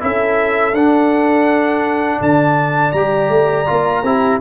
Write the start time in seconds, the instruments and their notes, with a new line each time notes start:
0.00 tuba C#4, trombone E4, horn A4, trumpet E5
0.73 tuba D4, trombone D4, trumpet F#5
2.20 tuba D3, horn D5, trumpet A5
2.92 tuba G3, trombone G4, trumpet A#5
3.29 tuba A3
3.66 tuba A#3, trombone F4
4.03 tuba C4, trombone E4, horn G4